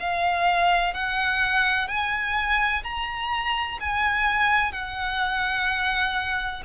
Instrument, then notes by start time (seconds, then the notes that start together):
violin
0.00 F5
0.94 F#5
1.88 G#5
2.84 A#5
3.81 G#5
4.73 F#5